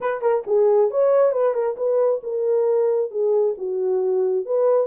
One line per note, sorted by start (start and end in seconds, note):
0.01 0.21 B4
0.21 0.44 A#4
0.46 0.90 G#4
0.90 1.32 C#5
1.32 1.54 B4
1.54 1.76 A#4
1.76 2.21 B4
2.23 3.11 A#4
3.11 3.55 G#4
3.57 4.45 F#4
4.45 4.87 B4